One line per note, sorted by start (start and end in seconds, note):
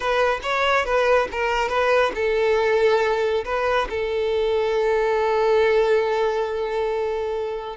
0.00 0.39 B4
0.43 0.85 C#5
0.85 1.28 B4
1.31 1.68 A#4
1.68 2.12 B4
2.14 3.44 A4
3.44 3.87 B4
3.89 7.76 A4